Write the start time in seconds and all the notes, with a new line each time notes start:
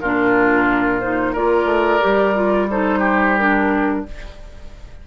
0.00 A#2 D4 F4 A#4
1.00 D#4 C5
1.33 A#3 F4 A#4 D5
1.65 A3
2.00 G3 G4
2.35 F4
2.70 D#4 A4 C5
2.99 G4
3.38 D4 A#4